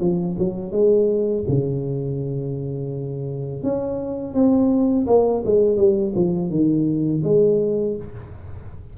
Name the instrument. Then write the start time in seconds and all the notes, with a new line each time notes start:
tuba
0.00 F3
0.38 F#3
0.72 G#3
1.49 C#3
3.63 C#4
4.34 C4
5.07 A#3
5.45 G#3
5.77 G3
6.15 F3
6.50 D#3
7.24 G#3